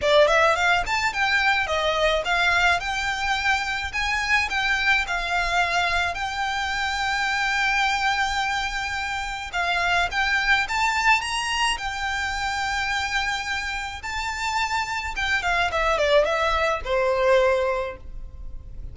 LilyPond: \new Staff \with { instrumentName = "violin" } { \time 4/4 \tempo 4 = 107 d''8 e''8 f''8 a''8 g''4 dis''4 | f''4 g''2 gis''4 | g''4 f''2 g''4~ | g''1~ |
g''4 f''4 g''4 a''4 | ais''4 g''2.~ | g''4 a''2 g''8 f''8 | e''8 d''8 e''4 c''2 | }